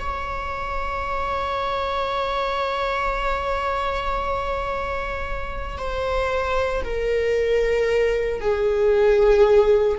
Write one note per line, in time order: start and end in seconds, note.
0.00 5.78 C#5
5.78 6.84 C5
6.84 8.41 A#4
8.41 9.99 G#4